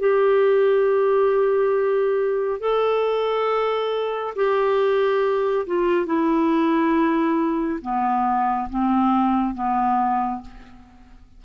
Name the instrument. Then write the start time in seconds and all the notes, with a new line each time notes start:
clarinet
0.00 G4
2.60 A4
4.36 G4
5.67 F4
6.06 E4
7.82 B3
8.70 C4
9.55 B3